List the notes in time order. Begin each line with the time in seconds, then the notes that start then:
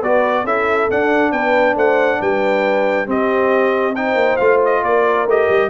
0.00 B3 F#4 B4 D5
0.44 C#4 E4 A4 E5
0.90 D4 F#5
1.32 B3 B4 G5
1.76 A3 C5 F#5
2.21 G3 B4 G5
3.07 C4 G4 D#5
3.96 D#4 C5 G5
4.15 A#3
4.37 A3 F4 F5
4.65 D#5
4.83 A#3 A#4 D5
5.26 A3 G4 D#5
5.50 G3